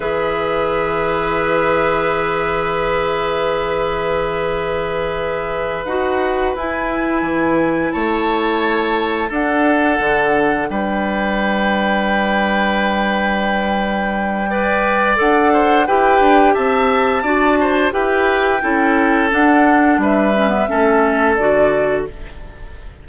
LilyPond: <<
  \new Staff \with { instrumentName = "flute" } { \time 4/4 \tempo 4 = 87 e''1~ | e''1~ | e''8 fis''4 gis''2 a''8~ | a''4. fis''2 g''8~ |
g''1~ | g''2 fis''4 g''4 | a''2 g''2 | fis''4 e''2 d''4 | }
  \new Staff \with { instrumentName = "oboe" } { \time 4/4 b'1~ | b'1~ | b'2.~ b'8 cis''8~ | cis''4. a'2 b'8~ |
b'1~ | b'4 d''4. c''8 b'4 | e''4 d''8 c''8 b'4 a'4~ | a'4 b'4 a'2 | }
  \new Staff \with { instrumentName = "clarinet" } { \time 4/4 gis'1~ | gis'1~ | gis'8 fis'4 e'2~ e'8~ | e'4. d'2~ d'8~ |
d'1~ | d'4 b'4 a'4 g'4~ | g'4 fis'4 g'4 e'4 | d'4. cis'16 b16 cis'4 fis'4 | }
  \new Staff \with { instrumentName = "bassoon" } { \time 4/4 e1~ | e1~ | e8 dis'4 e'4 e4 a8~ | a4. d'4 d4 g8~ |
g1~ | g2 d'4 e'8 d'8 | c'4 d'4 e'4 cis'4 | d'4 g4 a4 d4 | }
>>